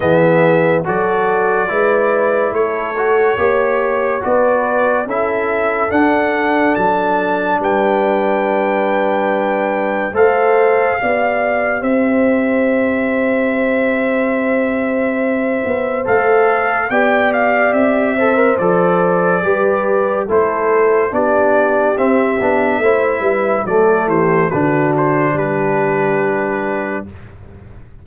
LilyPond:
<<
  \new Staff \with { instrumentName = "trumpet" } { \time 4/4 \tempo 4 = 71 e''4 d''2 cis''4~ | cis''4 d''4 e''4 fis''4 | a''4 g''2. | f''2 e''2~ |
e''2. f''4 | g''8 f''8 e''4 d''2 | c''4 d''4 e''2 | d''8 c''8 b'8 c''8 b'2 | }
  \new Staff \with { instrumentName = "horn" } { \time 4/4 gis'4 a'4 b'4 a'4 | cis''4 b'4 a'2~ | a'4 b'2. | c''4 d''4 c''2~ |
c''1 | d''4. c''4. b'4 | a'4 g'2 c''8 b'8 | a'8 g'8 fis'4 g'2 | }
  \new Staff \with { instrumentName = "trombone" } { \time 4/4 b4 fis'4 e'4. fis'8 | g'4 fis'4 e'4 d'4~ | d'1 | a'4 g'2.~ |
g'2. a'4 | g'4. a'16 ais'16 a'4 g'4 | e'4 d'4 c'8 d'8 e'4 | a4 d'2. | }
  \new Staff \with { instrumentName = "tuba" } { \time 4/4 e4 fis4 gis4 a4 | ais4 b4 cis'4 d'4 | fis4 g2. | a4 b4 c'2~ |
c'2~ c'8 b8 a4 | b4 c'4 f4 g4 | a4 b4 c'8 b8 a8 g8 | fis8 e8 d4 g2 | }
>>